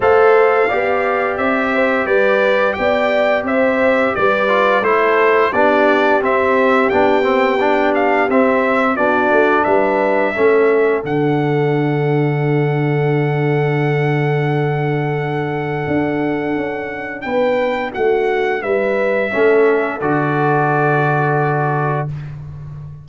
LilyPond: <<
  \new Staff \with { instrumentName = "trumpet" } { \time 4/4 \tempo 4 = 87 f''2 e''4 d''4 | g''4 e''4 d''4 c''4 | d''4 e''4 g''4. f''8 | e''4 d''4 e''2 |
fis''1~ | fis''1~ | fis''4 g''4 fis''4 e''4~ | e''4 d''2. | }
  \new Staff \with { instrumentName = "horn" } { \time 4/4 c''4 d''4. c''8 b'4 | d''4 c''4 b'4 a'4 | g'1~ | g'4 fis'4 b'4 a'4~ |
a'1~ | a'1~ | a'4 b'4 fis'4 b'4 | a'1 | }
  \new Staff \with { instrumentName = "trombone" } { \time 4/4 a'4 g'2.~ | g'2~ g'8 f'8 e'4 | d'4 c'4 d'8 c'8 d'4 | c'4 d'2 cis'4 |
d'1~ | d'1~ | d'1 | cis'4 fis'2. | }
  \new Staff \with { instrumentName = "tuba" } { \time 4/4 a4 b4 c'4 g4 | b4 c'4 g4 a4 | b4 c'4 b2 | c'4 b8 a8 g4 a4 |
d1~ | d2. d'4 | cis'4 b4 a4 g4 | a4 d2. | }
>>